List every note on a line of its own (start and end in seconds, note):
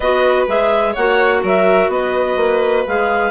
0.00 0.46 B3
0.00 0.47 F#4
0.00 0.92 B4
0.00 0.46 D#5
0.47 0.95 G#3
0.47 0.95 G#4
0.47 0.95 E5
0.92 1.43 A#3
0.92 2.87 F#4
0.92 1.40 C#5
0.92 1.42 F#5
1.43 1.88 F#3
1.43 1.90 A#4
1.43 1.91 E5
1.88 2.36 B3
1.88 3.31 B4
1.88 2.86 D#5
2.36 2.84 A#3
2.87 3.31 G#3
2.87 3.31 G#4
2.87 3.31 F5